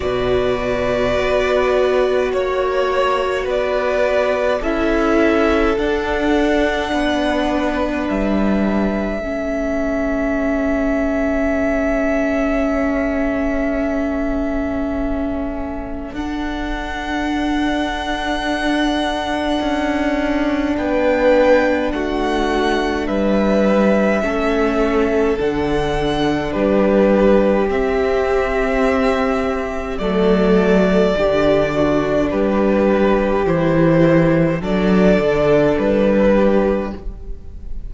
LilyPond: <<
  \new Staff \with { instrumentName = "violin" } { \time 4/4 \tempo 4 = 52 d''2 cis''4 d''4 | e''4 fis''2 e''4~ | e''1~ | e''2 fis''2~ |
fis''2 g''4 fis''4 | e''2 fis''4 b'4 | e''2 d''2 | b'4 c''4 d''4 b'4 | }
  \new Staff \with { instrumentName = "violin" } { \time 4/4 b'2 cis''4 b'4 | a'2 b'2 | a'1~ | a'1~ |
a'2 b'4 fis'4 | b'4 a'2 g'4~ | g'2 a'4 g'8 fis'8 | g'2 a'4. g'8 | }
  \new Staff \with { instrumentName = "viola" } { \time 4/4 fis'1 | e'4 d'2. | cis'1~ | cis'2 d'2~ |
d'1~ | d'4 cis'4 d'2 | c'2 a4 d'4~ | d'4 e'4 d'2 | }
  \new Staff \with { instrumentName = "cello" } { \time 4/4 b,4 b4 ais4 b4 | cis'4 d'4 b4 g4 | a1~ | a2 d'2~ |
d'4 cis'4 b4 a4 | g4 a4 d4 g4 | c'2 fis4 d4 | g4 e4 fis8 d8 g4 | }
>>